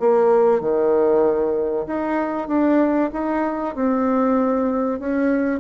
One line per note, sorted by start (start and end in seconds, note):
0.00 0.61 A#3
0.61 1.86 D#3
1.87 2.48 D#4
2.48 3.11 D4
3.13 3.75 D#4
3.75 4.99 C4
4.99 5.60 C#4